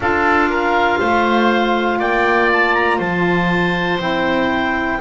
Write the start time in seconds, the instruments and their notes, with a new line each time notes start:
0.00 double bass D4, saxophone F4, oboe A4, clarinet F5
0.49 oboe A#4
0.99 double bass A3, oboe C5
1.99 double bass A#3, oboe D5, clarinet G5
2.52 clarinet A5
2.74 clarinet A#5
2.98 double bass F3, oboe C5, clarinet A5
3.99 double bass C4, saxophone E4, clarinet G5